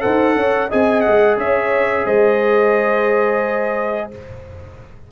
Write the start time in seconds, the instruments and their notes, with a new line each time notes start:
0.00 tuba D#4, trombone A4, horn C5, trumpet F#5
0.36 tuba C#4, horn C#5
0.70 tuba C4, trombone G#4, horn D#5, trumpet G#5
1.01 trumpet F#5
1.07 tuba G#3
1.37 tuba C#4, horn C#5, trumpet E5
2.05 tuba G#3, horn C5, trumpet D#5